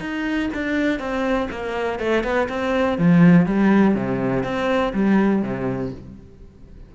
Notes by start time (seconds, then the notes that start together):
0.00 D#4
0.54 D4
0.99 C4
1.51 A#3
1.99 A3
2.23 B3
2.49 C4
2.98 F3
3.46 G3
3.95 C3
4.44 C4
4.93 G3
5.42 C3